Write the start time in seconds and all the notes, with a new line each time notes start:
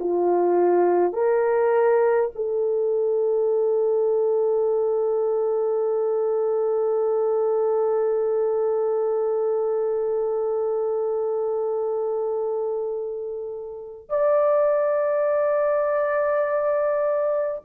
0.00 F4
1.13 A#4
2.35 A4
14.09 D5